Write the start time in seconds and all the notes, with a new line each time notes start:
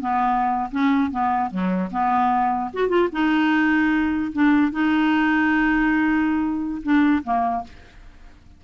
0.00 B3
0.71 C#4
1.11 B3
1.50 F#3
1.91 B3
2.73 F#4
2.88 F4
3.12 D#4
4.32 D4
4.71 D#4
6.83 D4
7.24 A#3